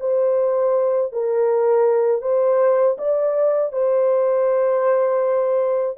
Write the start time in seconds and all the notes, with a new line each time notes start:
0.00 C5
1.13 A#4
2.22 C5
2.98 D5
3.73 C5